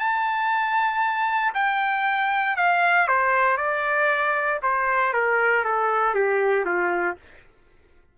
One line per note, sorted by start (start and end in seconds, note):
0.00 1.54 A5
1.55 2.57 G5
2.57 3.08 F5
3.08 3.58 C5
3.58 4.60 D5
4.63 5.14 C5
5.14 5.65 A#4
5.65 6.15 A4
6.15 6.66 G4
6.66 7.17 F4